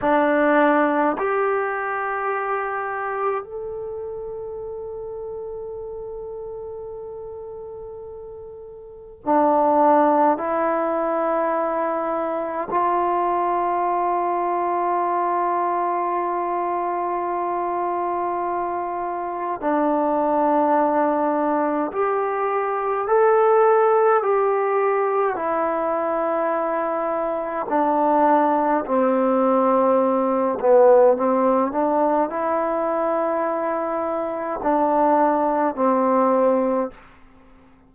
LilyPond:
\new Staff \with { instrumentName = "trombone" } { \time 4/4 \tempo 4 = 52 d'4 g'2 a'4~ | a'1 | d'4 e'2 f'4~ | f'1~ |
f'4 d'2 g'4 | a'4 g'4 e'2 | d'4 c'4. b8 c'8 d'8 | e'2 d'4 c'4 | }